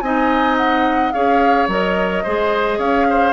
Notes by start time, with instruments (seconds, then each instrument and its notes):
0.00 bassoon C4, clarinet D#4, oboe D#5, flute G#5
0.57 flute F#5
1.12 bassoon C#4, clarinet G#4, oboe C#5, flute F5
1.68 bassoon F#3, clarinet A#4, flute D#5
2.23 bassoon G#3, clarinet G#4, oboe C5
2.78 bassoon C#4, oboe C#5, flute F5
3.10 oboe C5